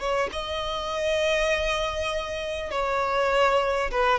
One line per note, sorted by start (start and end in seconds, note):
0.00 0.30 C#5
0.32 2.71 D#5
2.71 3.91 C#5
3.91 4.19 B4